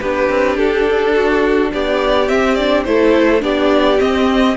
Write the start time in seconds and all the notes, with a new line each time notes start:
0.00 B3 D4 G4 B4
0.29 C4
0.57 D4 A4
1.15 F#4
1.73 B3 G4 D5
2.28 C4 E5
2.55 D4 D5
2.85 A3 E4 A4 C5
3.40 B3 D4 G4 D5
3.99 C4 D#5